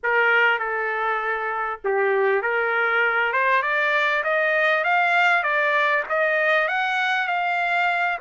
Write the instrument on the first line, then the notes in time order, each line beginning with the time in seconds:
trumpet
0.03 A#4
0.58 A4
1.84 G4
2.42 A#4
3.33 C5
3.62 D5
4.23 D#5
4.84 F5
5.43 D5
6.09 D#5
6.68 F#5
7.27 F5